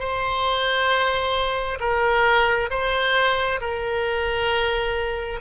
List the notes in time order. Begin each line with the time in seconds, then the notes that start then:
0.00 C5
1.80 A#4
2.71 C5
3.61 A#4